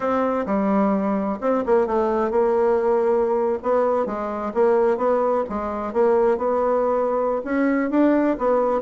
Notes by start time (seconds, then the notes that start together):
0.00 C4
0.45 G3
1.41 C4
1.66 A#3
1.86 A3
2.30 A#3
3.62 B3
4.06 G#3
4.53 A#3
4.97 B3
5.49 G#3
5.93 A#3
6.37 B3
7.44 C#4
7.90 D4
8.38 B3